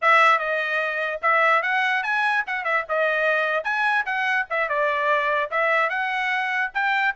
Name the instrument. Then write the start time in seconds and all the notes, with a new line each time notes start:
trumpet
0.01 E5
0.38 D#5
1.21 E5
1.62 F#5
2.03 G#5
2.46 F#5
2.64 E5
2.88 D#5
3.64 G#5
4.05 F#5
4.50 E5
4.68 D5
5.50 E5
5.89 F#5
6.73 G5